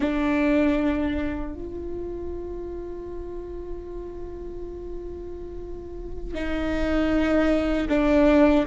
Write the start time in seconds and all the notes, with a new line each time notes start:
0.00 D4
1.54 F4
6.34 D#4
7.88 D4